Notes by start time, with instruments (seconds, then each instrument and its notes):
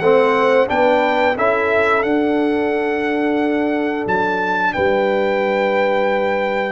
0.00 tuba A3, trombone C4, horn C5, trumpet F#5
0.67 tuba B3, trombone D4, horn B4, trumpet G5
1.37 tuba C#4, trombone E4, horn A4, trumpet E5
2.03 tuba D4, trombone D4, trumpet F#5
4.07 tuba F#3, trumpet A5
4.74 tuba G3, horn B4, trumpet G5